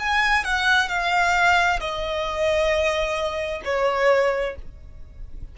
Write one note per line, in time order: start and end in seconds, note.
0.00 0.45 G#5
0.45 0.89 F#5
0.89 1.80 F5
1.81 3.62 D#5
3.65 4.56 C#5